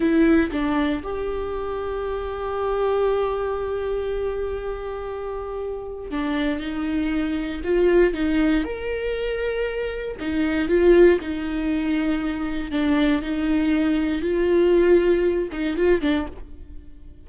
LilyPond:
\new Staff \with { instrumentName = "viola" } { \time 4/4 \tempo 4 = 118 e'4 d'4 g'2~ | g'1~ | g'1 | d'4 dis'2 f'4 |
dis'4 ais'2. | dis'4 f'4 dis'2~ | dis'4 d'4 dis'2 | f'2~ f'8 dis'8 f'8 d'8 | }